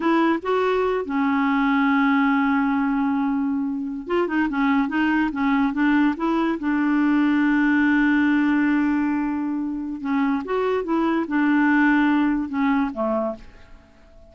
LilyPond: \new Staff \with { instrumentName = "clarinet" } { \time 4/4 \tempo 4 = 144 e'4 fis'4. cis'4.~ | cis'1~ | cis'4.~ cis'16 f'8 dis'8 cis'4 dis'16~ | dis'8. cis'4 d'4 e'4 d'16~ |
d'1~ | d'1 | cis'4 fis'4 e'4 d'4~ | d'2 cis'4 a4 | }